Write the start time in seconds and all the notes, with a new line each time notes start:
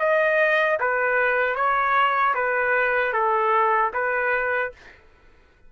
0.00 D#5
0.80 B4
1.56 C#5
2.35 B4
3.14 A4
3.94 B4